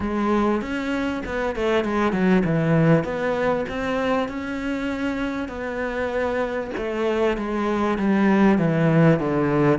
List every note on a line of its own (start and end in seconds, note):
0.00 0.61 G#3
0.61 1.22 C#4
1.26 1.55 B3
1.55 1.84 A3
1.84 2.12 G#3
2.12 2.42 F#3
2.44 3.04 E3
3.04 3.65 B3
3.68 4.28 C4
4.28 5.48 C#4
5.48 6.70 B3
6.77 7.37 A3
7.37 7.97 G#3
7.97 8.58 G3
8.58 9.19 E3
9.19 9.78 D3